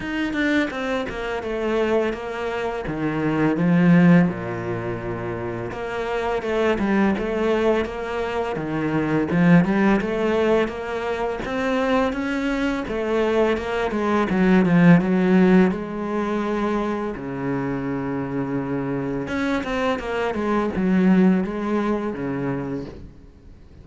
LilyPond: \new Staff \with { instrumentName = "cello" } { \time 4/4 \tempo 4 = 84 dis'8 d'8 c'8 ais8 a4 ais4 | dis4 f4 ais,2 | ais4 a8 g8 a4 ais4 | dis4 f8 g8 a4 ais4 |
c'4 cis'4 a4 ais8 gis8 | fis8 f8 fis4 gis2 | cis2. cis'8 c'8 | ais8 gis8 fis4 gis4 cis4 | }